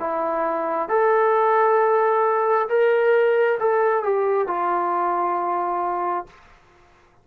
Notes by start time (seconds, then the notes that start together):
0.00 E4
0.89 A4
2.69 A#4
3.60 A4
4.04 G4
4.48 F4